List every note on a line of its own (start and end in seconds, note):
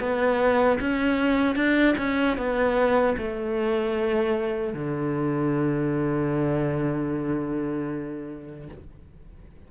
0.00 0.79 B3
0.81 1.56 C#4
1.56 1.96 D4
1.98 2.38 C#4
2.38 3.17 B3
3.18 4.74 A3
4.74 8.69 D3